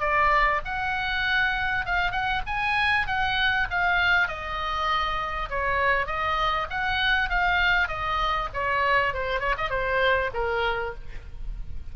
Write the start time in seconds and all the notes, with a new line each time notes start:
0.00 D5
0.65 F#5
1.85 F5
2.11 F#5
2.46 G#5
3.07 F#5
3.70 F5
4.28 D#5
5.50 C#5
6.06 D#5
6.70 F#5
7.30 F5
7.88 D#5
8.53 C#5
9.13 C5
9.40 C#5
9.57 D#5
9.70 C5
10.34 A#4